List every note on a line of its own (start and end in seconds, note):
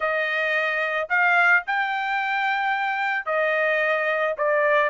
0.00 1.08 D#5
1.09 1.63 F5
1.67 3.25 G5
3.25 4.34 D#5
4.37 4.89 D5